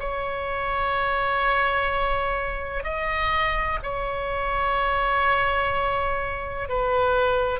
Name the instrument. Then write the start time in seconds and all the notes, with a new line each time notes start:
oboe
0.00 C#5
2.84 D#5
3.83 C#5
6.69 B4